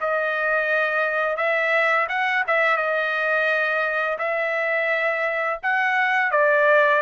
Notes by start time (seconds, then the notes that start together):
0.00 D#5
1.36 E5
2.09 F#5
2.47 E5
2.77 D#5
4.18 E5
5.63 F#5
6.31 D5